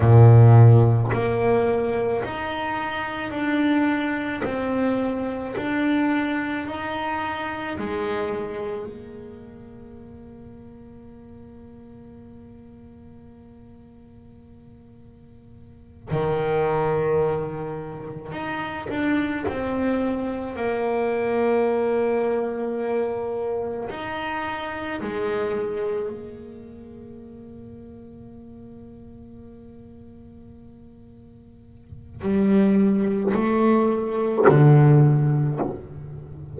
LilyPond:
\new Staff \with { instrumentName = "double bass" } { \time 4/4 \tempo 4 = 54 ais,4 ais4 dis'4 d'4 | c'4 d'4 dis'4 gis4 | ais1~ | ais2~ ais8 dis4.~ |
dis8 dis'8 d'8 c'4 ais4.~ | ais4. dis'4 gis4 ais8~ | ais1~ | ais4 g4 a4 d4 | }